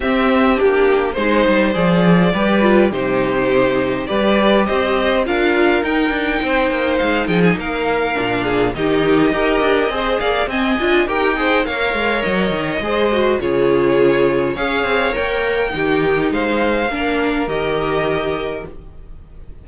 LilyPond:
<<
  \new Staff \with { instrumentName = "violin" } { \time 4/4 \tempo 4 = 103 e''4 g'4 c''4 d''4~ | d''4 c''2 d''4 | dis''4 f''4 g''2 | f''8 g''16 gis''16 f''2 dis''4~ |
dis''4. f''8 gis''4 g''4 | f''4 dis''2 cis''4~ | cis''4 f''4 g''2 | f''2 dis''2 | }
  \new Staff \with { instrumentName = "violin" } { \time 4/4 g'2 c''2 | b'4 g'2 b'4 | c''4 ais'2 c''4~ | c''8 gis'8 ais'4. gis'8 g'4 |
ais'4 c''8 d''8 dis''4 ais'8 c''8 | cis''2 c''4 gis'4~ | gis'4 cis''2 g'4 | c''4 ais'2. | }
  \new Staff \with { instrumentName = "viola" } { \time 4/4 c'4 d'4 dis'4 gis'4 | g'8 f'8 dis'2 g'4~ | g'4 f'4 dis'2~ | dis'2 d'4 dis'4 |
g'4 gis'4 c'8 f'8 g'8 gis'8 | ais'2 gis'8 fis'8 f'4~ | f'4 gis'4 ais'4 dis'4~ | dis'4 d'4 g'2 | }
  \new Staff \with { instrumentName = "cello" } { \time 4/4 c'4 ais4 gis8 g8 f4 | g4 c2 g4 | c'4 d'4 dis'8 d'8 c'8 ais8 | gis8 f8 ais4 ais,4 dis4 |
dis'8 d'8 c'8 ais8 c'8 d'8 dis'4 | ais8 gis8 fis8 dis8 gis4 cis4~ | cis4 cis'8 c'8 ais4 dis4 | gis4 ais4 dis2 | }
>>